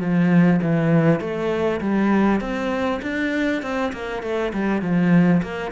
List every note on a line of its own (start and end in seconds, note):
0.00 0.60 F3
0.62 1.20 E3
1.20 1.80 A3
1.81 2.41 G3
2.41 3.01 C4
3.02 3.62 D4
3.62 3.92 C4
3.92 4.22 A#3
4.23 4.53 A3
4.53 4.82 G3
4.82 5.42 F3
5.42 5.71 A#3